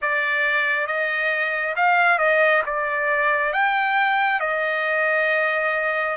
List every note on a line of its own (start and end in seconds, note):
0.01 0.86 D5
0.86 1.74 D#5
1.76 2.18 F5
2.18 2.62 D#5
2.66 3.52 D5
3.52 4.40 G5
4.40 6.16 D#5